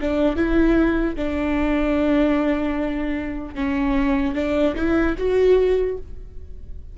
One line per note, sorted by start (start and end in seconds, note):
0.00 0.36 D4
0.36 1.15 E4
1.15 3.54 D4
3.54 4.34 C#4
4.35 4.75 D4
4.75 5.15 E4
5.17 5.97 F#4